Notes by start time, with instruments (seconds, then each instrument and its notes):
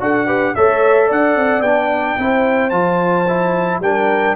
0.00 tuba D4, trombone F#4, horn A4, trumpet F#5
0.26 trombone G4, horn B4
0.55 tuba A3, trombone A4, horn C#5, trumpet E5
1.07 tuba D4, horn D5, trumpet F#5
1.36 tuba C4
1.61 tuba B3, trombone D4, trumpet G5
2.19 tuba C4, trombone E4, horn C5
2.70 tuba F3, trombone F4, trumpet A5
3.28 trombone E4
3.80 tuba G3, trombone D4, horn A#4, trumpet G5